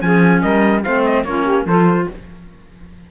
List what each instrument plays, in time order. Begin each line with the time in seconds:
0.00 cello F3, clarinet C#4, saxophone G#4, trumpet G#5
0.41 cello G3, saxophone A#4, trumpet D#5
0.83 cello A3, clarinet C4, saxophone C5, trumpet F5
1.05 trumpet D#5
1.24 cello A#3, clarinet C#4, saxophone F4, trumpet C#5
1.44 saxophone G4
1.65 cello F3, clarinet F4, saxophone A4, trumpet C5